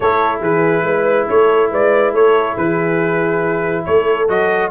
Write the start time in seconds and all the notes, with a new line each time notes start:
0.00 A3 E4 A4 C#5
0.40 E3 G#4 B4
0.83 G#3 B4
1.28 A3 A4 C#5
1.70 G#3 B4 D5
2.13 A3 A4 C#5
2.55 E3 G#4 B4
3.85 A3 A4 C#5
4.28 F#3 F#4 D#5